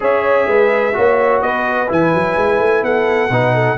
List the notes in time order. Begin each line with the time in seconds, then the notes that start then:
0.00 C#4 G#4 C#5 E5
0.47 G#3 B4
0.93 A#3 F#4 C#5
1.41 B3 B4 D#5
1.87 E3 E4 G#5
2.14 F#3
2.36 G#3
2.58 A3
2.82 B3 A4 F#5
3.30 B2 D#4 B4
3.54 A4